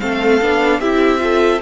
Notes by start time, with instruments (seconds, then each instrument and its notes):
0.00 cello A3, viola C4, violin A4 F5
0.41 cello B3, viola D4
0.79 cello C4, viola E4, violin G4 E5
1.18 viola F4, violin A4